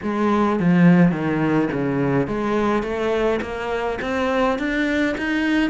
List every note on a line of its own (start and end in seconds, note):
0.02 0.59 G#3
0.59 1.11 F3
1.11 1.69 D#3
1.72 2.27 C#3
2.27 2.82 G#3
2.82 3.39 A3
3.41 3.98 A#3
4.01 4.58 C4
4.58 5.15 D4
5.17 5.70 D#4